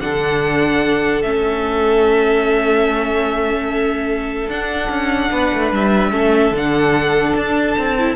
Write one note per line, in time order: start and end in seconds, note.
0.00 1.23 D3
0.00 1.23 D4
0.00 5.32 A4
0.00 1.22 F#5
1.22 4.47 A3
1.22 4.50 C#4
1.22 4.49 E5
4.47 4.88 D4
4.47 6.11 D4
4.47 5.72 F#5
4.89 5.30 C#4
5.31 5.51 B3
5.31 6.11 B4
5.54 5.72 A3
5.72 6.12 G3
5.72 6.56 E5
6.11 6.51 A3
6.11 6.52 C#4
6.11 8.15 A4
6.51 7.33 D3
6.51 7.98 D4
6.51 7.36 F#5
7.35 7.76 D4
7.35 8.16 A5
7.77 8.16 C4
7.98 8.16 E4